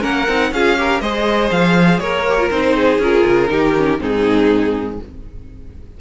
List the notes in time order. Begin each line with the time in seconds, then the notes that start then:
0.00 A#3 C#4 A#4 F#5
0.28 C4 D#4
0.51 C#4 F4 G#4 F5
0.77 G4 A#4
1.00 G#3 G#4 C5 D#5
1.51 F3 F5
1.99 A#3 A#4 C#5
2.29 G4
2.39 F4
2.51 C4 D#4 C5
2.76 G#4
2.99 C#4 F4 A#4
3.26 C#3
3.48 D#3 D#4 G4
3.77 C#4
3.99 G#2 C4 D#4 G#4